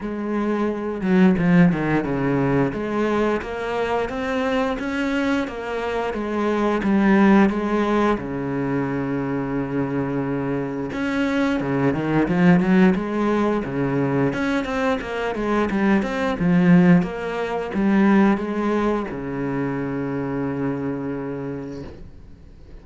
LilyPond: \new Staff \with { instrumentName = "cello" } { \time 4/4 \tempo 4 = 88 gis4. fis8 f8 dis8 cis4 | gis4 ais4 c'4 cis'4 | ais4 gis4 g4 gis4 | cis1 |
cis'4 cis8 dis8 f8 fis8 gis4 | cis4 cis'8 c'8 ais8 gis8 g8 c'8 | f4 ais4 g4 gis4 | cis1 | }